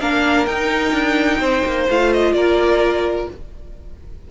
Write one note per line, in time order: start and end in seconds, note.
0.00 0.47 A#3
0.00 0.48 D4
0.00 1.39 A#4
0.00 0.46 F5
0.46 0.92 D#4
0.46 1.89 D#4
0.46 1.87 G5
0.92 1.39 D4
1.39 1.63 C4
1.39 2.33 C5
1.65 1.89 A#3
1.90 2.33 A3
1.90 3.31 F4
1.90 2.13 F5
2.13 2.34 D#5
2.33 3.27 A#3
2.33 3.30 A#4
2.33 3.28 D5